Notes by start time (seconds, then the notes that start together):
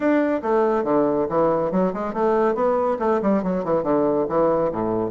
0.00 D4
0.42 A3
0.84 D3
1.29 E3
1.71 F#3
1.93 G#3
2.13 A3
2.54 B3
2.99 A3
3.21 G3
3.43 F#3
3.64 E3
3.83 D3
4.28 E3
4.71 A2